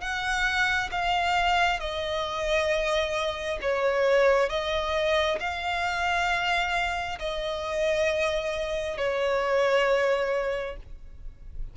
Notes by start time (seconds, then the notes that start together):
0.00 F#5
0.91 F5
1.80 D#5
3.61 C#5
4.49 D#5
5.39 F5
7.18 D#5
8.97 C#5